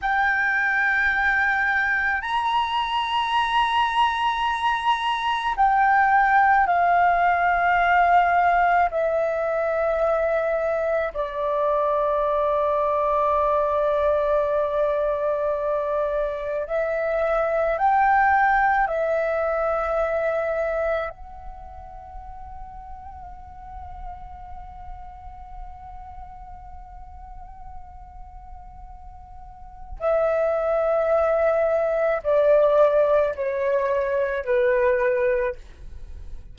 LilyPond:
\new Staff \with { instrumentName = "flute" } { \time 4/4 \tempo 4 = 54 g''2 ais''2~ | ais''4 g''4 f''2 | e''2 d''2~ | d''2. e''4 |
g''4 e''2 fis''4~ | fis''1~ | fis''2. e''4~ | e''4 d''4 cis''4 b'4 | }